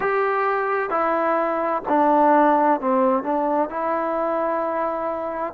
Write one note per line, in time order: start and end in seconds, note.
0.00 0.90 G4
0.90 1.82 E4
1.88 2.80 D4
2.80 3.23 C4
3.23 3.69 D4
3.69 5.53 E4